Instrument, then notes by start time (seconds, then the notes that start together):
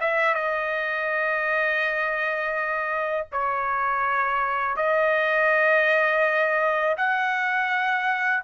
trumpet
0.00 E5
0.34 D#5
3.32 C#5
4.76 D#5
6.97 F#5